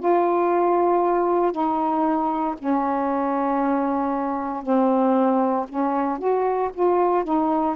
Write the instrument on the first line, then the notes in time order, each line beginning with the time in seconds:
saxophone
0.00 F4
1.52 D#4
2.59 C#4
4.63 C4
5.69 C#4
6.19 F#4
6.74 F4
7.25 D#4